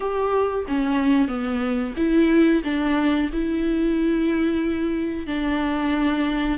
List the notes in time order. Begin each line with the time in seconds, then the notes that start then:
0.00 G4
0.67 C#4
1.28 B3
1.97 E4
2.64 D4
3.32 E4
5.26 D4